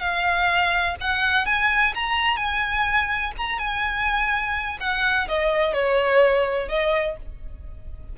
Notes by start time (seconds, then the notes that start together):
0.00 F5
1.00 F#5
1.45 G#5
1.94 A#5
2.36 G#5
3.37 A#5
3.58 G#5
4.80 F#5
5.28 D#5
5.73 C#5
6.68 D#5